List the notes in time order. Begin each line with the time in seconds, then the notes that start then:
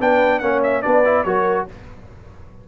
0.00 B3 D4 B4 G5
0.39 A#3 C#4 C#5 F#5
0.63 E5
0.82 B3 D4 B4 D5
1.05 E4
1.24 F#3 F#4 A#4 C#5